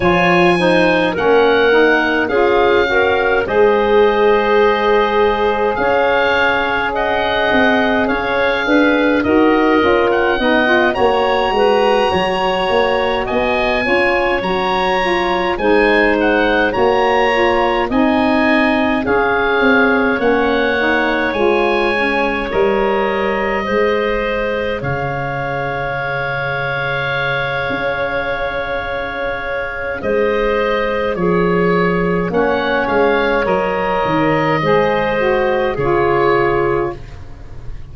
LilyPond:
<<
  \new Staff \with { instrumentName = "oboe" } { \time 4/4 \tempo 4 = 52 gis''4 fis''4 f''4 dis''4~ | dis''4 f''4 fis''4 f''4 | dis''8. fis''8. ais''2 gis''8~ | gis''8 ais''4 gis''8 fis''8 ais''4 gis''8~ |
gis''8 f''4 fis''4 gis''4 dis''8~ | dis''4. f''2~ f''8~ | f''2 dis''4 cis''4 | fis''8 f''8 dis''2 cis''4 | }
  \new Staff \with { instrumentName = "clarinet" } { \time 4/4 cis''8 c''8 ais'4 gis'8 ais'8 c''4~ | c''4 cis''4 dis''4 cis''8 b'8 | ais'4 dis''8 cis''8 b'8 cis''4 dis''8 | cis''4. c''4 cis''4 dis''8~ |
dis''8 cis''2.~ cis''8~ | cis''8 c''4 cis''2~ cis''8~ | cis''2 c''4 gis'4 | cis''2 c''4 gis'4 | }
  \new Staff \with { instrumentName = "saxophone" } { \time 4/4 f'8 dis'8 cis'8 dis'8 f'8 fis'8 gis'4~ | gis'1 | fis'8 f'8 dis'16 f'16 fis'2~ fis'8 | f'8 fis'8 f'8 dis'4 fis'8 f'8 dis'8~ |
dis'8 gis'4 cis'8 dis'8 f'8 cis'8 ais'8~ | ais'8 gis'2.~ gis'8~ | gis'1 | cis'4 ais'4 gis'8 fis'8 f'4 | }
  \new Staff \with { instrumentName = "tuba" } { \time 4/4 f4 ais4 cis'4 gis4~ | gis4 cis'4. c'8 cis'8 d'8 | dis'8 cis'8 b8 ais8 gis8 fis8 ais8 b8 | cis'8 fis4 gis4 ais4 c'8~ |
c'8 cis'8 c'8 ais4 gis4 g8~ | g8 gis4 cis2~ cis8 | cis'2 gis4 f4 | ais8 gis8 fis8 dis8 gis4 cis4 | }
>>